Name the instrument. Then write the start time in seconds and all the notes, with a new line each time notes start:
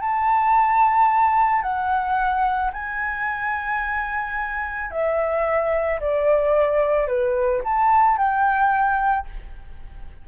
flute
0.00 A5
1.62 F#5
2.72 G#5
4.90 E5
6.00 D5
7.07 B4
7.64 A5
8.17 G5